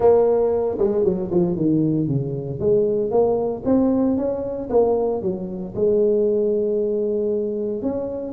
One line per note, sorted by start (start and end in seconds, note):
0.00 0.77 A#3
0.78 1.04 G#3
1.04 1.30 F#3
1.30 1.55 F3
1.55 2.07 D#3
2.07 2.59 C#3
2.59 3.10 G#3
3.10 3.62 A#3
3.65 4.17 C4
4.17 4.69 C#4
4.69 5.22 A#3
5.22 5.74 F#3
5.75 7.82 G#3
7.82 8.32 C#4